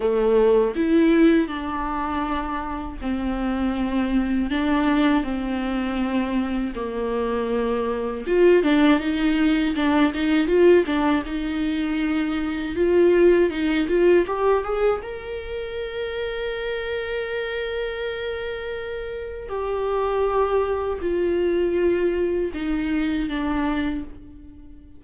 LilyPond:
\new Staff \with { instrumentName = "viola" } { \time 4/4 \tempo 4 = 80 a4 e'4 d'2 | c'2 d'4 c'4~ | c'4 ais2 f'8 d'8 | dis'4 d'8 dis'8 f'8 d'8 dis'4~ |
dis'4 f'4 dis'8 f'8 g'8 gis'8 | ais'1~ | ais'2 g'2 | f'2 dis'4 d'4 | }